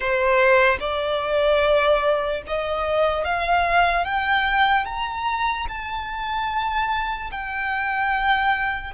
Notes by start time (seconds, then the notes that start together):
0.00 C5
0.80 D5
2.47 D#5
3.24 F5
4.04 G5
4.85 A#5
5.68 A5
7.31 G5